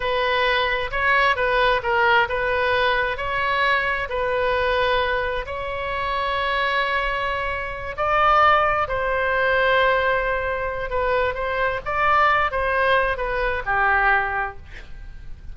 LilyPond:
\new Staff \with { instrumentName = "oboe" } { \time 4/4 \tempo 4 = 132 b'2 cis''4 b'4 | ais'4 b'2 cis''4~ | cis''4 b'2. | cis''1~ |
cis''4. d''2 c''8~ | c''1 | b'4 c''4 d''4. c''8~ | c''4 b'4 g'2 | }